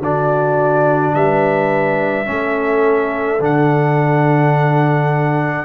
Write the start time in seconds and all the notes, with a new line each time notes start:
0.00 D3 D4 F#4 D5
1.14 G3 B4 E5
2.25 A3 C#4 A4
3.39 D3 D4 F#5